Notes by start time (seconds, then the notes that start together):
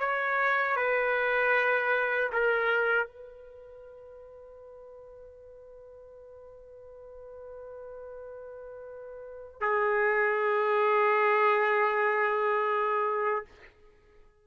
0.00 C#5
0.77 B4
2.33 A#4
3.08 B4
9.61 G#4